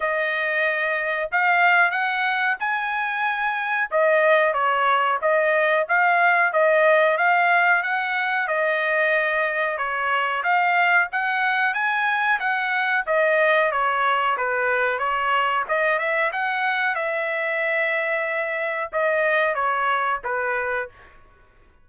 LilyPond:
\new Staff \with { instrumentName = "trumpet" } { \time 4/4 \tempo 4 = 92 dis''2 f''4 fis''4 | gis''2 dis''4 cis''4 | dis''4 f''4 dis''4 f''4 | fis''4 dis''2 cis''4 |
f''4 fis''4 gis''4 fis''4 | dis''4 cis''4 b'4 cis''4 | dis''8 e''8 fis''4 e''2~ | e''4 dis''4 cis''4 b'4 | }